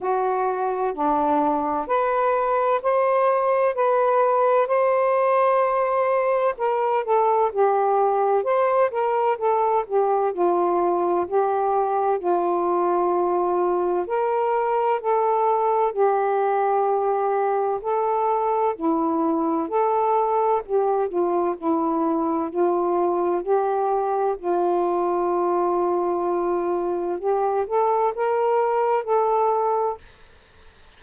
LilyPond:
\new Staff \with { instrumentName = "saxophone" } { \time 4/4 \tempo 4 = 64 fis'4 d'4 b'4 c''4 | b'4 c''2 ais'8 a'8 | g'4 c''8 ais'8 a'8 g'8 f'4 | g'4 f'2 ais'4 |
a'4 g'2 a'4 | e'4 a'4 g'8 f'8 e'4 | f'4 g'4 f'2~ | f'4 g'8 a'8 ais'4 a'4 | }